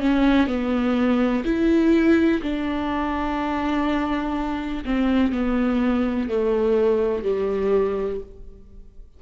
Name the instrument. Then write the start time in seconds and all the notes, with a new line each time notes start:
viola
0.00 C#4
0.48 B3
1.45 E4
2.42 D4
4.86 C4
5.33 B3
6.29 A3
7.24 G3